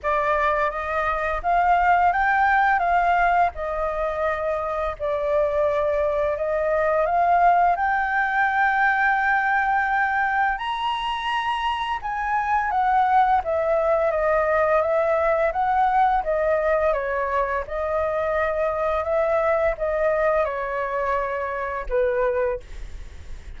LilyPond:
\new Staff \with { instrumentName = "flute" } { \time 4/4 \tempo 4 = 85 d''4 dis''4 f''4 g''4 | f''4 dis''2 d''4~ | d''4 dis''4 f''4 g''4~ | g''2. ais''4~ |
ais''4 gis''4 fis''4 e''4 | dis''4 e''4 fis''4 dis''4 | cis''4 dis''2 e''4 | dis''4 cis''2 b'4 | }